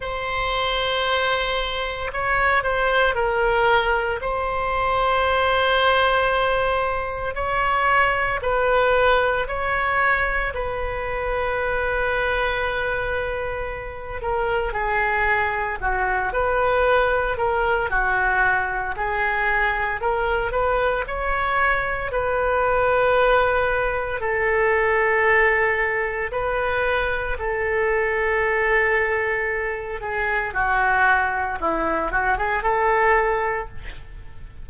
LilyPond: \new Staff \with { instrumentName = "oboe" } { \time 4/4 \tempo 4 = 57 c''2 cis''8 c''8 ais'4 | c''2. cis''4 | b'4 cis''4 b'2~ | b'4. ais'8 gis'4 fis'8 b'8~ |
b'8 ais'8 fis'4 gis'4 ais'8 b'8 | cis''4 b'2 a'4~ | a'4 b'4 a'2~ | a'8 gis'8 fis'4 e'8 fis'16 gis'16 a'4 | }